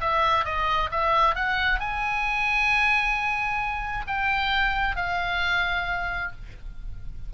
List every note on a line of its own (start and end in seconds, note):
0.00 0.44 E5
0.44 0.89 D#5
0.91 1.35 E5
1.35 1.79 F#5
1.79 4.05 G#5
4.07 4.96 G5
4.96 6.31 F5